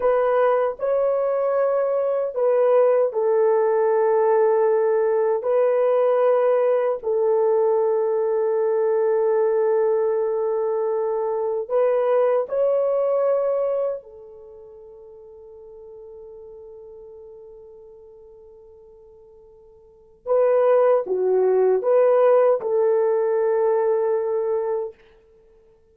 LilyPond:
\new Staff \with { instrumentName = "horn" } { \time 4/4 \tempo 4 = 77 b'4 cis''2 b'4 | a'2. b'4~ | b'4 a'2.~ | a'2. b'4 |
cis''2 a'2~ | a'1~ | a'2 b'4 fis'4 | b'4 a'2. | }